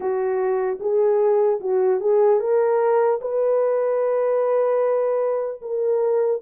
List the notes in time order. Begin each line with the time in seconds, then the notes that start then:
0.00 F#4
0.80 G#4
1.60 F#4
2.00 G#4
2.40 A#4
3.21 B4
5.61 A#4